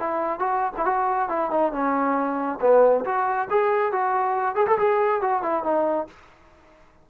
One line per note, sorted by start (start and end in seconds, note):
0.00 0.40 E4
0.40 0.72 F#4
0.78 0.86 E4
0.86 1.29 F#4
1.30 1.51 E4
1.51 1.73 D#4
1.73 2.59 C#4
2.61 3.05 B3
3.05 3.49 F#4
3.51 3.93 G#4
3.93 4.56 F#4
4.56 4.67 G#4
4.67 4.78 A4
4.79 5.22 G#4
5.22 5.43 F#4
5.43 5.64 E4
5.64 6.07 D#4